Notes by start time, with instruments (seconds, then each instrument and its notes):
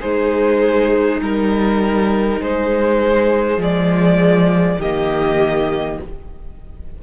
0.00 cello G#3, violin D#4 C5, viola G#4
1.20 cello G3, viola D#4, violin A#4
2.39 cello G#3, violin G#4 C5
3.57 cello F3, viola G#3, violin D5
4.78 cello D#3, viola A#3, violin G4 D#5